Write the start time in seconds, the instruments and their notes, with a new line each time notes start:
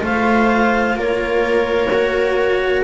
0.00 double bass A3, cello F4, viola C5, clarinet F5
0.95 double bass A#3, viola A#4, clarinet C#5
1.93 cello F#4